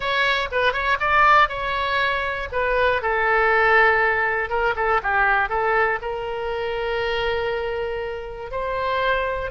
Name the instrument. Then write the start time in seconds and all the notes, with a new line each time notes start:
oboe
0.00 C#5
0.51 B4
0.72 C#5
1.00 D5
1.49 C#5
2.52 B4
3.02 A4
4.49 A#4
4.75 A4
5.02 G4
5.49 A4
6.01 A#4
8.51 C5